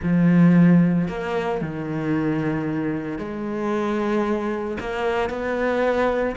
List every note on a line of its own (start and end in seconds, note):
0.02 1.08 F3
1.08 1.61 A#3
1.61 3.18 D#3
3.18 4.77 G#3
4.79 5.29 A#3
5.29 6.35 B3